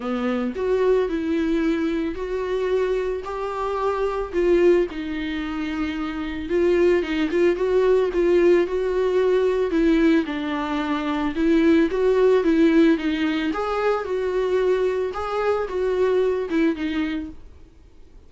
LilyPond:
\new Staff \with { instrumentName = "viola" } { \time 4/4 \tempo 4 = 111 b4 fis'4 e'2 | fis'2 g'2 | f'4 dis'2. | f'4 dis'8 f'8 fis'4 f'4 |
fis'2 e'4 d'4~ | d'4 e'4 fis'4 e'4 | dis'4 gis'4 fis'2 | gis'4 fis'4. e'8 dis'4 | }